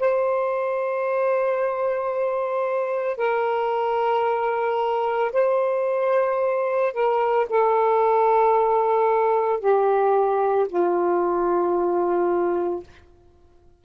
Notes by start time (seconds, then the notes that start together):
0.00 C5
3.18 A#4
5.33 C5
6.94 A#4
7.50 A4
9.60 G4
10.69 F4